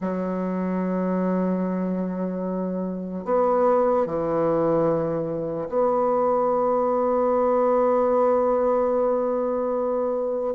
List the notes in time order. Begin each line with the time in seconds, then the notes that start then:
0.00 F#3
3.24 B3
4.06 E3
5.69 B3